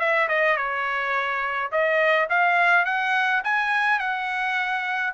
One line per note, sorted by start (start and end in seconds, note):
0.00 0.29 E5
0.29 0.57 D#5
0.57 1.71 C#5
1.72 2.29 D#5
2.30 2.86 F5
2.86 3.43 F#5
3.44 4.00 G#5
4.00 5.14 F#5